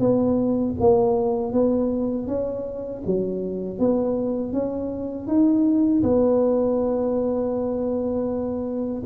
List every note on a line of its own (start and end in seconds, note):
0.00 0.75 B3
0.80 1.53 A#3
1.53 2.28 B3
2.28 3.03 C#4
3.06 3.79 F#3
3.79 4.53 B3
4.53 5.28 C#4
5.28 6.03 D#4
6.03 9.03 B3